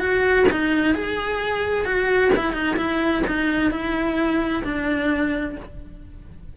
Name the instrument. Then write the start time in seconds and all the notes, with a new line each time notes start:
cello
0.00 F#4
0.52 D#4
0.95 G#4
1.85 F#4
2.37 E4
2.53 D#4
2.77 E4
3.28 D#4
3.71 E4
4.64 D4